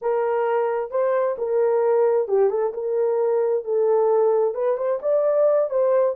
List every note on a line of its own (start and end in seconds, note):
0.01 0.90 A#4
0.90 1.36 C5
1.38 2.28 A#4
2.28 2.50 G4
2.50 2.73 A4
2.73 3.64 A#4
3.64 4.54 A4
4.54 4.77 B4
4.77 4.99 C5
5.01 5.70 D5
5.70 6.15 C5